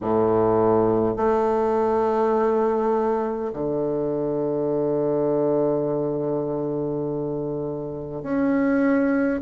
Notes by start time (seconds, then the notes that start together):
0.01 A2
1.16 A3
3.53 D3
8.22 C#4